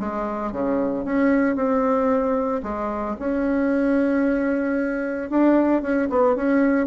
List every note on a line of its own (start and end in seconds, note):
0.00 0.52 G#3
0.52 1.05 C#3
1.05 1.56 C#4
1.56 2.62 C4
2.63 3.16 G#3
3.20 5.30 C#4
5.30 5.82 D4
5.82 6.09 C#4
6.10 6.36 B3
6.36 6.87 C#4